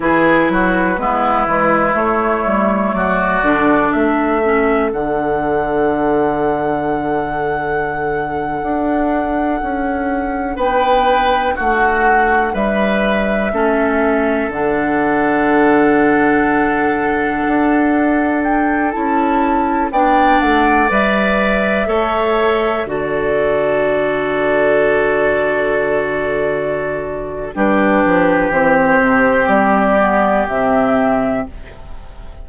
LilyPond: <<
  \new Staff \with { instrumentName = "flute" } { \time 4/4 \tempo 4 = 61 b'2 cis''4 d''4 | e''4 fis''2.~ | fis''2~ fis''8. g''4 fis''16~ | fis''8. e''2 fis''4~ fis''16~ |
fis''2~ fis''8. g''8 a''8.~ | a''16 g''8 fis''8 e''2 d''8.~ | d''1 | b'4 c''4 d''4 e''4 | }
  \new Staff \with { instrumentName = "oboe" } { \time 4/4 gis'8 fis'8 e'2 fis'4 | a'1~ | a'2~ a'8. b'4 fis'16~ | fis'8. b'4 a'2~ a'16~ |
a'1~ | a'16 d''2 cis''4 a'8.~ | a'1 | g'1 | }
  \new Staff \with { instrumentName = "clarinet" } { \time 4/4 e'4 b8 gis8 a4. d'8~ | d'8 cis'8 d'2.~ | d'1~ | d'4.~ d'16 cis'4 d'4~ d'16~ |
d'2.~ d'16 e'8.~ | e'16 d'4 b'4 a'4 fis'8.~ | fis'1 | d'4 c'4. b8 c'4 | }
  \new Staff \with { instrumentName = "bassoon" } { \time 4/4 e8 fis8 gis8 e8 a8 g8 fis8 d8 | a4 d2.~ | d8. d'4 cis'4 b4 a16~ | a8. g4 a4 d4~ d16~ |
d4.~ d16 d'4. cis'8.~ | cis'16 b8 a8 g4 a4 d8.~ | d1 | g8 f8 e8 c8 g4 c4 | }
>>